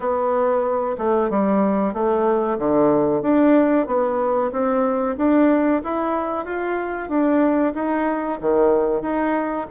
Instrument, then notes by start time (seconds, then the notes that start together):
bassoon
0.00 B3
0.97 A3
1.30 G3
1.93 A3
2.58 D3
3.22 D4
3.87 B3
4.52 C4
5.17 D4
5.83 E4
6.45 F4
7.09 D4
7.74 D#4
8.40 D#3
9.01 D#4